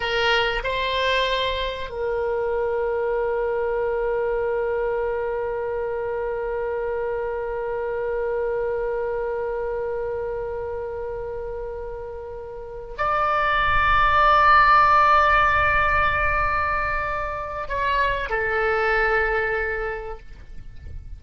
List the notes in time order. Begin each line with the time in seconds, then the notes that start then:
0.00 A#4
0.63 C5
1.89 A#4
12.97 D5
17.68 C#5
18.29 A4